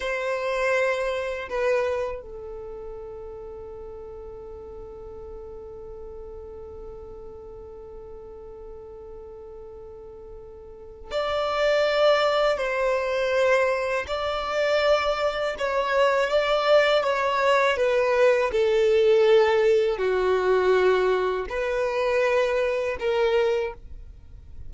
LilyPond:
\new Staff \with { instrumentName = "violin" } { \time 4/4 \tempo 4 = 81 c''2 b'4 a'4~ | a'1~ | a'1~ | a'2. d''4~ |
d''4 c''2 d''4~ | d''4 cis''4 d''4 cis''4 | b'4 a'2 fis'4~ | fis'4 b'2 ais'4 | }